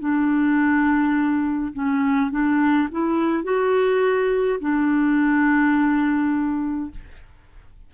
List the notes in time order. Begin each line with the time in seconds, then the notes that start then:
0.00 D4
1.74 C#4
2.31 D4
2.91 E4
3.44 F#4
4.60 D4